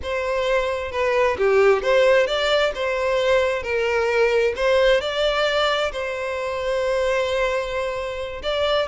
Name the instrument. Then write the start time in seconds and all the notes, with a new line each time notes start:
violin
0.02 C5
0.91 B4
1.38 G4
1.82 C5
2.26 D5
2.74 C5
3.62 A#4
4.56 C5
5.00 D5
5.92 C5
8.43 D5